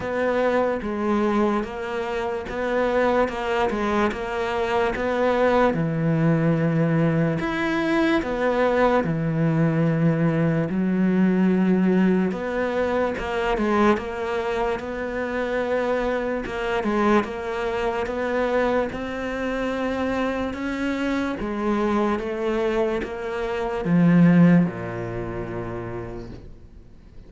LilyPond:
\new Staff \with { instrumentName = "cello" } { \time 4/4 \tempo 4 = 73 b4 gis4 ais4 b4 | ais8 gis8 ais4 b4 e4~ | e4 e'4 b4 e4~ | e4 fis2 b4 |
ais8 gis8 ais4 b2 | ais8 gis8 ais4 b4 c'4~ | c'4 cis'4 gis4 a4 | ais4 f4 ais,2 | }